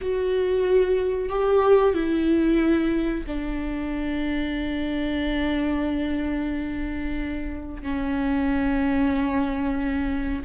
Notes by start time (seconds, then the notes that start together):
0.01 F#4
1.29 G4
1.94 E4
3.26 D4
7.82 C#4